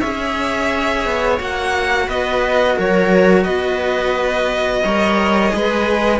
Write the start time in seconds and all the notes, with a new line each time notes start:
0.00 C#4 G#4 C#5 E5
1.05 B3
1.38 A#3 F#4 F#5
2.07 B3 B4 D#5
2.77 F#3 A#4 C#5
3.44 B3 B4 D#5
4.83 G3 A#4 C#5
5.49 G#3 G#4
5.55 B4